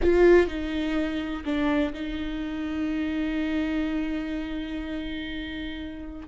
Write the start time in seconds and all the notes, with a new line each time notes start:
0.02 F4
0.47 D#4
1.45 D4
1.93 D#4